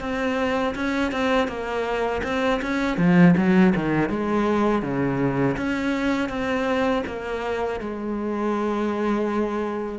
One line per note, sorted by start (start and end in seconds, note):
0.00 0.74 C4
0.75 1.11 C#4
1.11 1.47 C4
1.47 2.22 A#3
2.23 2.60 C4
2.62 2.97 C#4
2.97 3.34 F3
3.37 3.74 F#3
3.75 4.09 D#3
4.09 4.82 G#3
4.82 5.56 C#3
5.57 6.29 C#4
6.29 7.03 C4
7.06 7.80 A#3
7.80 9.98 G#3